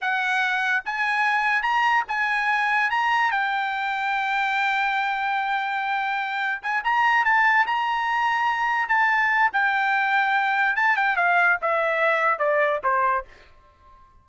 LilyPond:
\new Staff \with { instrumentName = "trumpet" } { \time 4/4 \tempo 4 = 145 fis''2 gis''2 | ais''4 gis''2 ais''4 | g''1~ | g''1 |
gis''8 ais''4 a''4 ais''4.~ | ais''4. a''4. g''4~ | g''2 a''8 g''8 f''4 | e''2 d''4 c''4 | }